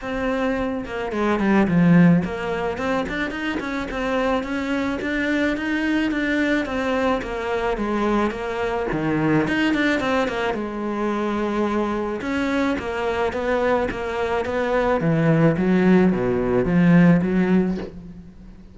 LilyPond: \new Staff \with { instrumentName = "cello" } { \time 4/4 \tempo 4 = 108 c'4. ais8 gis8 g8 f4 | ais4 c'8 d'8 dis'8 cis'8 c'4 | cis'4 d'4 dis'4 d'4 | c'4 ais4 gis4 ais4 |
dis4 dis'8 d'8 c'8 ais8 gis4~ | gis2 cis'4 ais4 | b4 ais4 b4 e4 | fis4 b,4 f4 fis4 | }